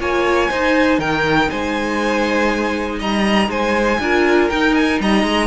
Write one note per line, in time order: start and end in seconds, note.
0.00 0.50 A#3
0.00 0.50 F4
0.00 0.50 C#5
0.00 1.00 G#5
0.50 4.01 D#4
0.50 0.99 D#4
0.50 0.99 C5
0.99 1.49 D#3
0.99 1.49 A#4
0.99 1.50 G5
1.50 3.01 G#3
1.50 2.99 C5
1.50 3.00 G#5
2.99 3.49 G3
2.99 3.49 D#5
2.99 3.51 A#5
3.49 3.99 G#3
3.49 4.00 C5
3.49 4.50 G#5
4.00 4.50 D4
4.00 4.52 F4
4.00 5.02 A#4
4.50 5.47 D#4
4.50 5.01 D#4
4.50 4.75 G5
4.75 5.00 G#5
5.01 5.24 G3
5.01 5.47 D#5
5.01 5.47 A#5
5.24 5.47 G#3